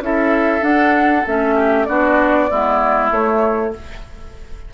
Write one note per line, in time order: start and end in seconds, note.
0.00 0.62 C#4
0.00 0.61 E4
0.00 1.56 A4
0.00 0.64 E5
0.61 1.23 D4
0.61 1.24 D4
0.61 1.26 F#5
1.26 1.88 A3
1.26 1.88 C#4
1.26 1.85 E5
1.56 1.86 G4
1.85 2.50 B3
1.85 2.49 D4
1.85 2.50 F#4
1.85 3.09 D5
2.50 3.11 G#3
2.50 3.11 B3
2.50 3.74 E4
3.11 3.73 A3
3.11 3.73 C#5